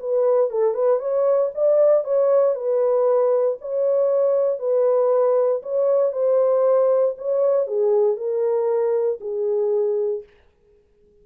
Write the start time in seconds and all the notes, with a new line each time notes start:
0.00 B4
0.50 A4
0.74 B4
1.00 C#5
1.55 D5
2.04 C#5
2.55 B4
3.61 C#5
4.59 B4
5.63 C#5
6.12 C5
7.18 C#5
7.67 G#4
8.17 A#4
9.21 G#4